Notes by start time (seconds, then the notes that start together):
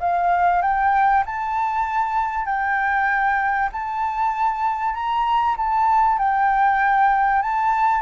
0.00 F5
0.62 G5
1.26 A5
2.45 G5
3.72 A5
4.94 A#5
5.57 A5
6.18 G5
7.42 A5